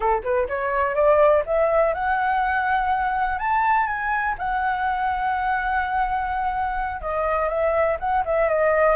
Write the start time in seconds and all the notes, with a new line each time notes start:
0.00 A4
0.23 B4
0.48 C#5
0.95 D5
1.46 E5
1.94 F#5
3.38 A5
3.86 G#5
4.38 F#5
7.01 D#5
7.49 E5
7.99 F#5
8.25 E5
8.49 D#5